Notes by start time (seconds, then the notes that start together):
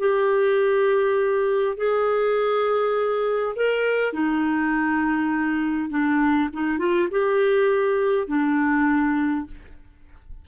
0.00 G4
1.77 G#4
3.56 A#4
4.14 D#4
5.90 D4
6.53 D#4
6.79 F4
7.11 G4
8.28 D4